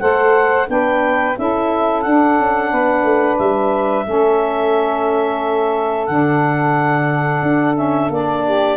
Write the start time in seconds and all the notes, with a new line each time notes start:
0.00 A3 A4 C5 F#5
0.67 B3 D4 B4 G5
1.36 C#4 E4 A4 E5
2.02 D4 F#5
2.39 C#4
2.71 B3 B4
3.04 A3
3.39 G3 E5
4.05 A3 C#4 A4
6.06 D3 D4 F#5
7.42 D4
7.75 C#4 E5
8.10 A#3 D4 D5
8.45 G4